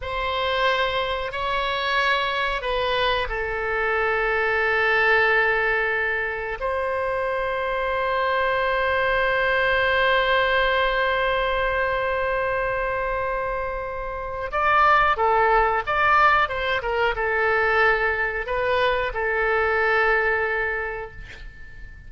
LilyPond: \new Staff \with { instrumentName = "oboe" } { \time 4/4 \tempo 4 = 91 c''2 cis''2 | b'4 a'2.~ | a'2 c''2~ | c''1~ |
c''1~ | c''2 d''4 a'4 | d''4 c''8 ais'8 a'2 | b'4 a'2. | }